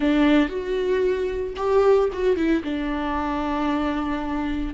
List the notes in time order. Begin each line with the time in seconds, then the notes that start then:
0.00 D4
0.49 F#4
1.56 G4
2.12 F#4
2.36 E4
2.63 D4